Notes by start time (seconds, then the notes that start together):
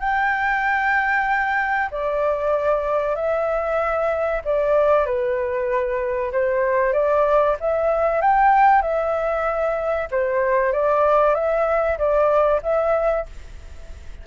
0.00 G5
1.91 D5
3.16 E5
4.45 D5
5.06 B4
6.32 C5
6.93 D5
7.60 E5
8.21 G5
8.82 E5
10.11 C5
10.73 D5
11.35 E5
11.98 D5
12.63 E5